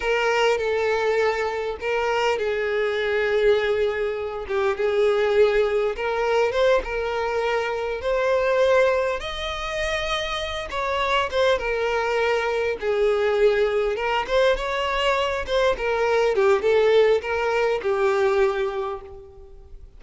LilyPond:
\new Staff \with { instrumentName = "violin" } { \time 4/4 \tempo 4 = 101 ais'4 a'2 ais'4 | gis'2.~ gis'8 g'8 | gis'2 ais'4 c''8 ais'8~ | ais'4. c''2 dis''8~ |
dis''2 cis''4 c''8 ais'8~ | ais'4. gis'2 ais'8 | c''8 cis''4. c''8 ais'4 g'8 | a'4 ais'4 g'2 | }